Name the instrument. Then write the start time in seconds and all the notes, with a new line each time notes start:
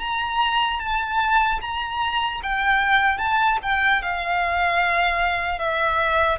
violin
0.00 A#5
0.80 A5
1.61 A#5
2.43 G5
3.18 A5
3.63 G5
4.02 F5
5.59 E5